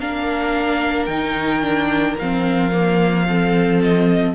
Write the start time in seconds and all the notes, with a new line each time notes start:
0.00 A#3 D4 A#4 F5
1.06 D#3 D#4 G5
1.62 D4
2.19 F3 C4 F5
2.72 A#3
3.27 C4 A4
3.83 D#5